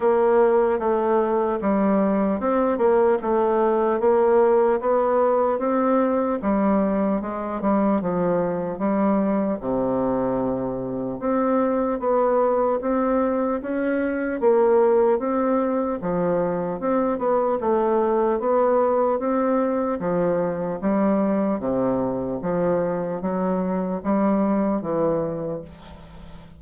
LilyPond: \new Staff \with { instrumentName = "bassoon" } { \time 4/4 \tempo 4 = 75 ais4 a4 g4 c'8 ais8 | a4 ais4 b4 c'4 | g4 gis8 g8 f4 g4 | c2 c'4 b4 |
c'4 cis'4 ais4 c'4 | f4 c'8 b8 a4 b4 | c'4 f4 g4 c4 | f4 fis4 g4 e4 | }